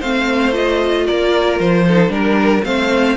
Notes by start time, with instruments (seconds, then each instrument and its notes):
0.00 cello A3, viola C4, violin C5 F5
0.52 viola F4, violin D#5
1.07 cello A#3, violin A#4 D5
1.60 cello F3, violin C5
1.87 viola D#4, violin A4
2.09 cello G3, viola D4, violin A#4
2.15 violin A#4
2.64 cello A3, viola C4, violin C5 F5